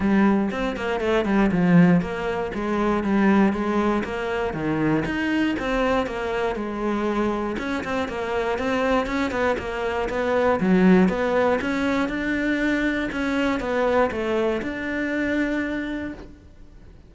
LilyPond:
\new Staff \with { instrumentName = "cello" } { \time 4/4 \tempo 4 = 119 g4 c'8 ais8 a8 g8 f4 | ais4 gis4 g4 gis4 | ais4 dis4 dis'4 c'4 | ais4 gis2 cis'8 c'8 |
ais4 c'4 cis'8 b8 ais4 | b4 fis4 b4 cis'4 | d'2 cis'4 b4 | a4 d'2. | }